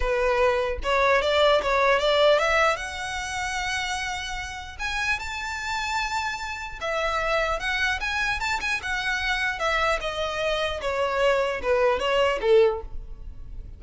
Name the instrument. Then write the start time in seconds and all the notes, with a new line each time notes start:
violin
0.00 B4
0.83 C#5
1.21 D5
1.62 C#5
1.99 D5
2.38 E5
2.76 F#5
4.79 G#5
5.19 A5
6.80 E5
7.59 F#5
8.00 G#5
8.39 A5
8.61 G#5
8.82 F#5
9.59 E5
10.01 D#5
10.81 C#5
11.62 B4
11.99 C#5
12.41 A4